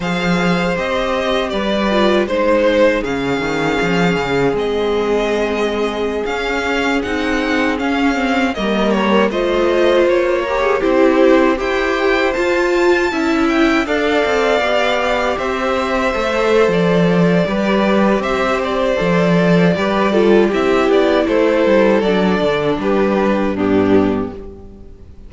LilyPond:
<<
  \new Staff \with { instrumentName = "violin" } { \time 4/4 \tempo 4 = 79 f''4 dis''4 d''4 c''4 | f''2 dis''2~ | dis''16 f''4 fis''4 f''4 dis''8 cis''16~ | cis''16 dis''4 cis''4 c''4 g''8.~ |
g''16 a''4. g''8 f''4.~ f''16~ | f''16 e''4.~ e''16 d''2 | e''8 d''2~ d''8 e''8 d''8 | c''4 d''4 b'4 g'4 | }
  \new Staff \with { instrumentName = "violin" } { \time 4/4 c''2 b'4 c''4 | gis'1~ | gis'2.~ gis'16 ais'8.~ | ais'16 c''4. ais'16 gis'16 g'4 c''8.~ |
c''4~ c''16 e''4 d''4.~ d''16~ | d''16 c''2~ c''8. b'4 | c''2 b'8 a'8 g'4 | a'2 g'4 d'4 | }
  \new Staff \with { instrumentName = "viola" } { \time 4/4 gis'4 g'4. f'8 dis'4 | cis'2 c'2~ | c'16 cis'4 dis'4 cis'8 c'8 ais8.~ | ais16 f'4. g'8 e'4 g'8.~ |
g'16 f'4 e'4 a'4 g'8.~ | g'4~ g'16 a'4.~ a'16 g'4~ | g'4 a'4 g'8 f'8 e'4~ | e'4 d'2 b4 | }
  \new Staff \with { instrumentName = "cello" } { \time 4/4 f4 c'4 g4 gis4 | cis8 dis8 f8 cis8 gis2~ | gis16 cis'4 c'4 cis'4 g8.~ | g16 a4 ais4 c'4 e'8.~ |
e'16 f'4 cis'4 d'8 c'8 b8.~ | b16 c'4 a8. f4 g4 | c'4 f4 g4 c'8 b8 | a8 g8 fis8 d8 g4 g,4 | }
>>